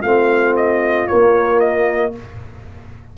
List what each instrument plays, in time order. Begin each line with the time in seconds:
0.00 tuba A3, trombone C4, horn F4, trumpet F5
0.56 trumpet D#5
1.07 trombone A#3, tuba A#3, trumpet C#5
1.59 trumpet D#5